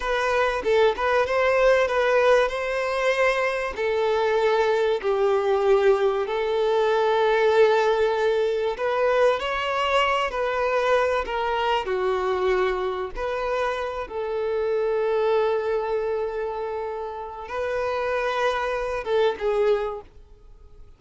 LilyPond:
\new Staff \with { instrumentName = "violin" } { \time 4/4 \tempo 4 = 96 b'4 a'8 b'8 c''4 b'4 | c''2 a'2 | g'2 a'2~ | a'2 b'4 cis''4~ |
cis''8 b'4. ais'4 fis'4~ | fis'4 b'4. a'4.~ | a'1 | b'2~ b'8 a'8 gis'4 | }